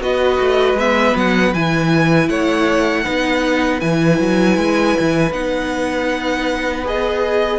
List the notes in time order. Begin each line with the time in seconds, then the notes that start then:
0.00 B3 F#4 B4 D#5
0.40 A3
0.74 G#3 B3 E5
1.15 F#3 F#5
1.54 E3 E4 G#5
2.29 A3 C#5 F#5
3.04 B3 D#4 B4
3.80 E3 E4 G#5
4.19 F#3
4.57 G#3
5.00 E3
5.31 B3 D#4 F#5
6.84 G#4 D#5